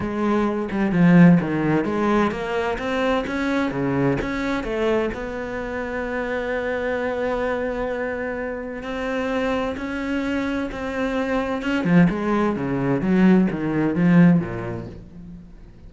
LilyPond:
\new Staff \with { instrumentName = "cello" } { \time 4/4 \tempo 4 = 129 gis4. g8 f4 dis4 | gis4 ais4 c'4 cis'4 | cis4 cis'4 a4 b4~ | b1~ |
b2. c'4~ | c'4 cis'2 c'4~ | c'4 cis'8 f8 gis4 cis4 | fis4 dis4 f4 ais,4 | }